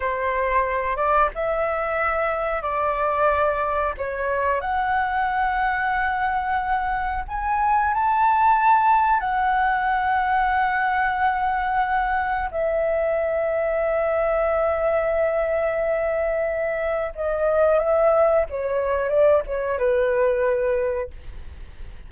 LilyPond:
\new Staff \with { instrumentName = "flute" } { \time 4/4 \tempo 4 = 91 c''4. d''8 e''2 | d''2 cis''4 fis''4~ | fis''2. gis''4 | a''2 fis''2~ |
fis''2. e''4~ | e''1~ | e''2 dis''4 e''4 | cis''4 d''8 cis''8 b'2 | }